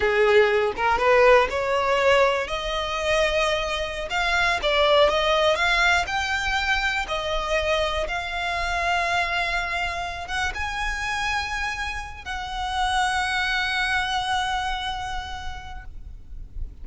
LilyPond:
\new Staff \with { instrumentName = "violin" } { \time 4/4 \tempo 4 = 121 gis'4. ais'8 b'4 cis''4~ | cis''4 dis''2.~ | dis''16 f''4 d''4 dis''4 f''8.~ | f''16 g''2 dis''4.~ dis''16~ |
dis''16 f''2.~ f''8.~ | f''8. fis''8 gis''2~ gis''8.~ | gis''8. fis''2.~ fis''16~ | fis''1 | }